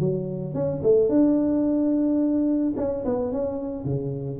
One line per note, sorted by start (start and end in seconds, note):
0.00 0.54 F#3
0.54 0.82 C#4
0.84 1.09 A3
1.09 2.74 D4
2.77 3.05 C#4
3.05 3.32 B3
3.32 3.85 C#4
3.85 4.40 C#3